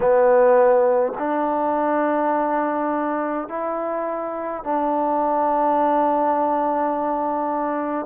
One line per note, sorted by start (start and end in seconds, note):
0.00 1.13 B3
1.18 3.48 D4
3.48 4.63 E4
4.63 8.06 D4